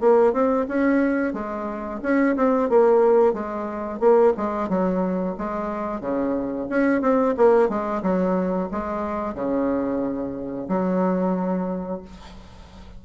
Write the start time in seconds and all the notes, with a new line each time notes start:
0.00 A#3
0.32 C4
0.68 C#4
1.33 G#3
2.02 C#4
2.36 C4
2.69 A#3
3.33 G#3
3.99 A#3
4.37 G#3
4.69 F#3
5.38 G#3
6.01 C#3
6.69 C#4
7.01 C4
7.37 A#3
7.68 G#3
8.02 F#3
8.71 G#3
9.34 C#3
10.68 F#3